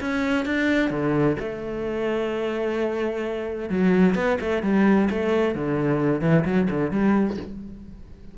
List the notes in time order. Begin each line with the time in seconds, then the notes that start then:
0.00 C#4
0.45 D4
0.90 D3
1.39 A3
3.69 F#3
4.15 B3
4.40 A3
4.62 G3
5.10 A3
5.55 D3
6.21 E3
6.45 F#3
6.70 D3
6.91 G3